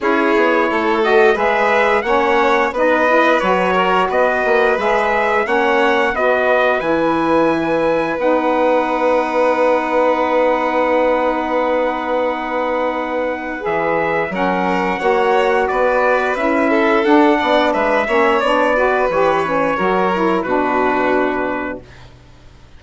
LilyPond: <<
  \new Staff \with { instrumentName = "trumpet" } { \time 4/4 \tempo 4 = 88 cis''4. dis''8 e''4 fis''4 | dis''4 cis''4 dis''4 e''4 | fis''4 dis''4 gis''2 | fis''1~ |
fis''1 | e''4 fis''2 d''4 | e''4 fis''4 e''4 d''4 | cis''2 b'2 | }
  \new Staff \with { instrumentName = "violin" } { \time 4/4 gis'4 a'4 b'4 cis''4 | b'4. ais'8 b'2 | cis''4 b'2.~ | b'1~ |
b'1~ | b'4 ais'4 cis''4 b'4~ | b'8 a'4 d''8 b'8 cis''4 b'8~ | b'4 ais'4 fis'2 | }
  \new Staff \with { instrumentName = "saxophone" } { \time 4/4 e'4. fis'8 gis'4 cis'4 | dis'8 e'8 fis'2 gis'4 | cis'4 fis'4 e'2 | dis'1~ |
dis'1 | gis'4 cis'4 fis'2 | e'4 d'4. cis'8 d'8 fis'8 | g'8 cis'8 fis'8 e'8 d'2 | }
  \new Staff \with { instrumentName = "bassoon" } { \time 4/4 cis'8 b8 a4 gis4 ais4 | b4 fis4 b8 ais8 gis4 | ais4 b4 e2 | b1~ |
b1 | e4 fis4 ais4 b4 | cis'4 d'8 b8 gis8 ais8 b4 | e4 fis4 b,2 | }
>>